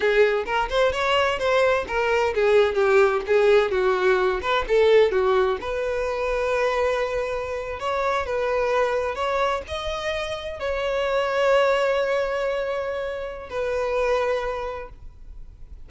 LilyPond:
\new Staff \with { instrumentName = "violin" } { \time 4/4 \tempo 4 = 129 gis'4 ais'8 c''8 cis''4 c''4 | ais'4 gis'4 g'4 gis'4 | fis'4. b'8 a'4 fis'4 | b'1~ |
b'8. cis''4 b'2 cis''16~ | cis''8. dis''2 cis''4~ cis''16~ | cis''1~ | cis''4 b'2. | }